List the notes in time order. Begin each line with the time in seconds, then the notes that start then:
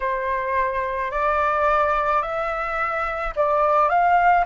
0.00 C5
1.11 D5
2.22 E5
3.36 D5
3.89 F5